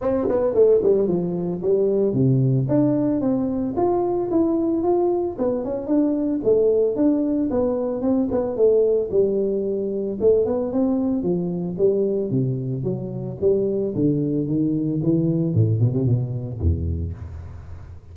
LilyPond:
\new Staff \with { instrumentName = "tuba" } { \time 4/4 \tempo 4 = 112 c'8 b8 a8 g8 f4 g4 | c4 d'4 c'4 f'4 | e'4 f'4 b8 cis'8 d'4 | a4 d'4 b4 c'8 b8 |
a4 g2 a8 b8 | c'4 f4 g4 c4 | fis4 g4 d4 dis4 | e4 a,8 b,16 c16 b,4 e,4 | }